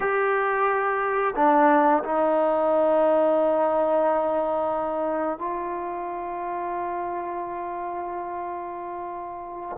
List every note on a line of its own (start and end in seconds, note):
0.00 1.34 G4
1.35 2.03 D4
2.03 5.38 D#4
5.38 9.76 F4